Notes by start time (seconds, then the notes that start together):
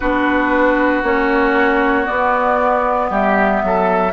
0.00 B3 D4 F#4 B4
1.03 A#3 C#4 C#5
2.04 B3 D5
3.10 G3 G4 E5
3.62 F#3 A4